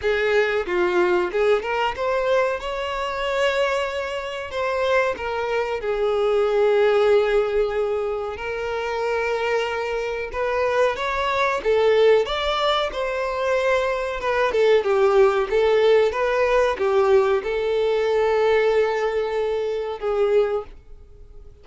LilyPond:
\new Staff \with { instrumentName = "violin" } { \time 4/4 \tempo 4 = 93 gis'4 f'4 gis'8 ais'8 c''4 | cis''2. c''4 | ais'4 gis'2.~ | gis'4 ais'2. |
b'4 cis''4 a'4 d''4 | c''2 b'8 a'8 g'4 | a'4 b'4 g'4 a'4~ | a'2. gis'4 | }